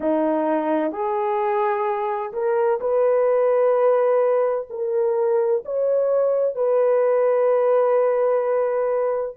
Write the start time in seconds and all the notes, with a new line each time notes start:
0.00 D#4
0.92 G#4
2.32 A#4
2.80 B4
4.70 A#4
5.65 C#5
6.55 B4